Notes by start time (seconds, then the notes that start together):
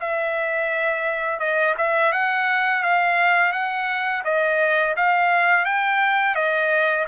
0.00 E5
1.40 D#5
1.78 E5
2.12 F#5
2.83 F5
3.52 F#5
4.24 D#5
4.96 F5
5.65 G5
6.35 D#5